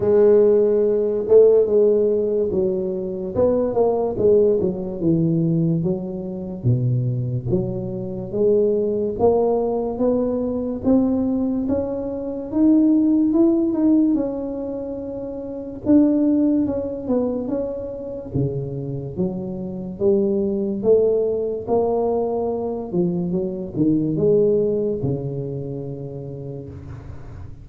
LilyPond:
\new Staff \with { instrumentName = "tuba" } { \time 4/4 \tempo 4 = 72 gis4. a8 gis4 fis4 | b8 ais8 gis8 fis8 e4 fis4 | b,4 fis4 gis4 ais4 | b4 c'4 cis'4 dis'4 |
e'8 dis'8 cis'2 d'4 | cis'8 b8 cis'4 cis4 fis4 | g4 a4 ais4. f8 | fis8 dis8 gis4 cis2 | }